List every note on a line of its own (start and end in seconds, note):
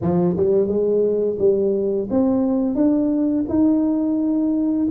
0.01 0.36 F3
0.36 0.67 G3
0.67 1.37 G#3
1.38 2.08 G3
2.10 2.75 C4
2.75 3.45 D4
3.49 4.88 D#4